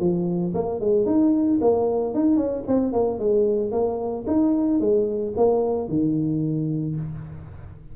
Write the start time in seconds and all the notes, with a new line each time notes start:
0.00 F3
0.54 A#3
0.80 G#3
1.06 D#4
1.61 A#3
2.14 D#4
2.37 C#4
2.67 C4
2.93 A#3
3.19 G#3
3.71 A#3
4.27 D#4
4.80 G#3
5.37 A#3
5.89 D#3